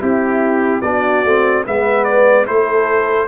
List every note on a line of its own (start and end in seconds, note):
0.00 0.83 C4
0.00 0.82 E4
0.00 0.83 E4
0.00 0.82 G4
0.82 1.24 B3
0.82 1.26 D4
0.82 1.65 F#4
0.82 1.64 D5
1.24 1.65 A3
1.24 1.66 C4
1.65 2.48 G#3
1.65 2.46 B3
1.65 2.47 B4
1.65 2.04 E5
2.04 2.45 D5
2.46 3.28 A3
2.46 3.28 E4
2.46 3.28 A4
2.46 3.28 C5